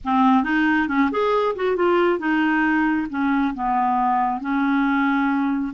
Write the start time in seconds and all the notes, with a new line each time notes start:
0.04 C4
0.43 D#4
0.87 C#4
1.11 G#4
1.55 F#4
1.75 F4
2.19 D#4
3.09 C#4
3.54 B3
4.40 C#4